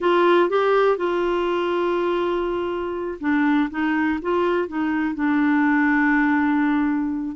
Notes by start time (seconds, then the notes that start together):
0.00 F4
0.49 G4
0.97 F4
3.20 D4
3.70 D#4
4.22 F4
4.67 D#4
5.15 D4